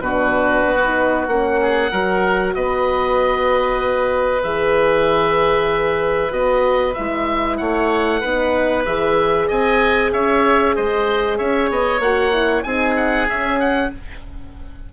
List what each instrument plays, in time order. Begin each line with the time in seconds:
0.00 bassoon B2, horn D4, oboe F#4 B4
0.66 bassoon B3
0.84 horn D#4
1.27 bassoon A#3, horn C#4, oboe F#5
1.61 oboe G#4
1.91 bassoon F#3, horn F#4, oboe A#4
2.54 bassoon B3, oboe B4 D#5
4.43 bassoon E3, horn G#4, oboe E5
6.30 bassoon B3, horn F#4, oboe D#5
6.94 bassoon G#3, horn E4, oboe E5
7.57 bassoon A3, oboe C#5 F#5
8.21 bassoon B3, horn D#4, oboe B4
8.85 bassoon E3, horn G#4, oboe E5
9.48 bassoon C4, oboe D#5 G#5
10.13 bassoon C#4, oboe C#5 E5
10.76 bassoon G#3, oboe C5 D#5
11.38 bassoon C#4, oboe C#5 E5
11.70 bassoon B3, oboe D#5
11.99 bassoon A#3, horn F#4, oboe F#5
12.32 horn E4
12.63 bassoon C4, horn D#4, oboe G#4 G#5
12.96 oboe F#5
13.29 horn C#4, bassoon C#4, oboe E5
13.59 oboe F#5